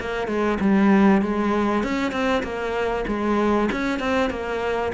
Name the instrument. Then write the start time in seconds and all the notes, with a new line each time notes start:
cello
0.00 A#3
0.27 G#3
0.60 G3
1.22 G#3
1.83 C#4
2.12 C4
2.43 A#3
3.08 G#3
3.72 C#4
4.00 C4
4.30 A#3